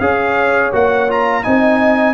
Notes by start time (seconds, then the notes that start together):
0.00 C#4 G#4 C#5 F5
0.72 A#3 F#4 F#5
1.08 F4 A#5
1.44 C4 D#4 D#5 G#5